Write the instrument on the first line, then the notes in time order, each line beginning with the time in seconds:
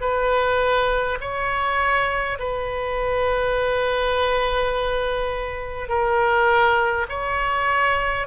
oboe
0.00 B4
1.20 C#5
2.39 B4
5.88 A#4
7.09 C#5